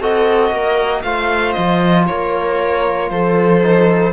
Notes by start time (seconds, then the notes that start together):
0.00 C4 F#4 A4 D#5
0.51 A#3 A#4
1.02 A3 F4 C5 F5
1.52 F3 D#5
2.06 A#3 A#4 C#5
3.09 F3 A4 C5
3.62 D#4